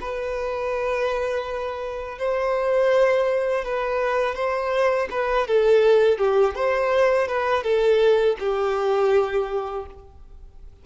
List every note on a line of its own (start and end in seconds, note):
0.00 2.18 B4
2.18 3.64 C5
3.64 4.35 B4
4.35 5.08 C5
5.11 5.47 B4
5.47 6.18 A4
6.18 6.55 G4
6.55 7.27 C5
7.27 7.63 B4
7.63 8.36 A4
8.39 9.85 G4